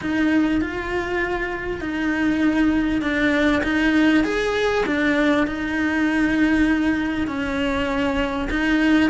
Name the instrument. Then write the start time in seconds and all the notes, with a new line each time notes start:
cello
0.01 D#4
0.61 F4
1.80 D#4
3.01 D4
3.63 D#4
4.24 G#4
4.86 D4
5.47 D#4
7.27 C#4
8.50 D#4